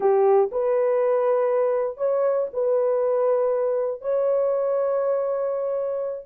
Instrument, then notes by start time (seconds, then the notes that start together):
horn
0.00 G4
0.51 B4
1.97 C#5
2.53 B4
4.01 C#5